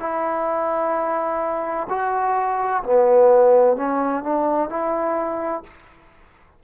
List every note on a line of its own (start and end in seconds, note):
0.00 1.87 E4
1.89 2.83 F#4
2.84 3.76 B3
3.76 4.23 C#4
4.24 4.69 D4
4.69 5.63 E4